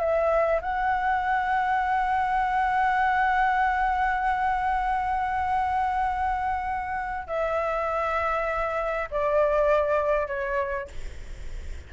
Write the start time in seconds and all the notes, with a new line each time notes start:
0.00 E5
0.62 F#5
7.27 E5
9.11 D5
10.27 C#5